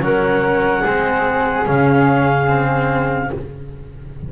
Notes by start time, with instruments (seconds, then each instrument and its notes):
0.00 double bass F#3, cello C#4, flute A#4, clarinet F#5
0.83 double bass G#3, cello C4, flute G#4
1.66 double bass C#3, cello C#4, clarinet F5
2.48 cello C4